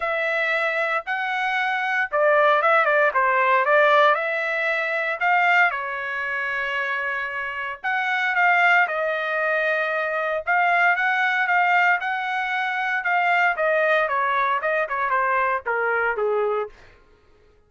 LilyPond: \new Staff \with { instrumentName = "trumpet" } { \time 4/4 \tempo 4 = 115 e''2 fis''2 | d''4 e''8 d''8 c''4 d''4 | e''2 f''4 cis''4~ | cis''2. fis''4 |
f''4 dis''2. | f''4 fis''4 f''4 fis''4~ | fis''4 f''4 dis''4 cis''4 | dis''8 cis''8 c''4 ais'4 gis'4 | }